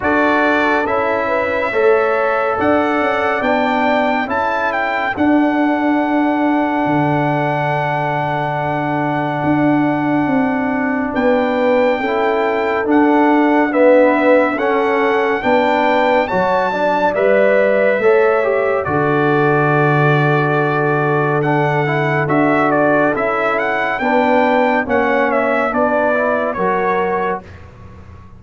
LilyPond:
<<
  \new Staff \with { instrumentName = "trumpet" } { \time 4/4 \tempo 4 = 70 d''4 e''2 fis''4 | g''4 a''8 g''8 fis''2~ | fis''1~ | fis''4 g''2 fis''4 |
e''4 fis''4 g''4 a''4 | e''2 d''2~ | d''4 fis''4 e''8 d''8 e''8 fis''8 | g''4 fis''8 e''8 d''4 cis''4 | }
  \new Staff \with { instrumentName = "horn" } { \time 4/4 a'4. b'8 cis''4 d''4~ | d''4 a'2.~ | a'1~ | a'4 b'4 a'2 |
b'4 a'4 b'4 cis''8 d''8~ | d''4 cis''4 a'2~ | a'1 | b'4 cis''4 b'4 ais'4 | }
  \new Staff \with { instrumentName = "trombone" } { \time 4/4 fis'4 e'4 a'2 | d'4 e'4 d'2~ | d'1~ | d'2 e'4 d'4 |
b4 cis'4 d'4 fis'8 d'8 | b'4 a'8 g'8 fis'2~ | fis'4 d'8 e'8 fis'4 e'4 | d'4 cis'4 d'8 e'8 fis'4 | }
  \new Staff \with { instrumentName = "tuba" } { \time 4/4 d'4 cis'4 a4 d'8 cis'8 | b4 cis'4 d'2 | d2. d'4 | c'4 b4 cis'4 d'4~ |
d'4 cis'4 b4 fis4 | g4 a4 d2~ | d2 d'4 cis'4 | b4 ais4 b4 fis4 | }
>>